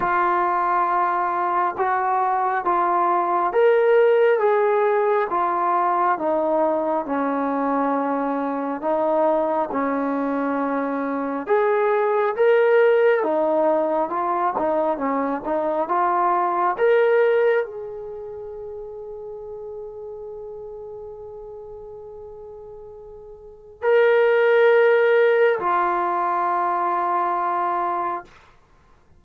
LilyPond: \new Staff \with { instrumentName = "trombone" } { \time 4/4 \tempo 4 = 68 f'2 fis'4 f'4 | ais'4 gis'4 f'4 dis'4 | cis'2 dis'4 cis'4~ | cis'4 gis'4 ais'4 dis'4 |
f'8 dis'8 cis'8 dis'8 f'4 ais'4 | gis'1~ | gis'2. ais'4~ | ais'4 f'2. | }